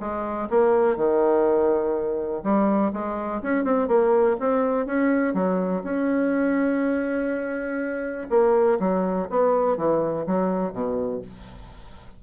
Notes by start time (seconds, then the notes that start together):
0.00 G#3
0.50 A#3
0.97 D#3
2.43 G3
2.93 G#3
3.43 C#4
3.64 C4
3.88 A#3
4.40 C4
4.87 C#4
5.34 F#3
5.84 C#4
8.30 A#3
8.80 F#3
9.30 B3
9.77 E3
10.27 F#3
10.73 B2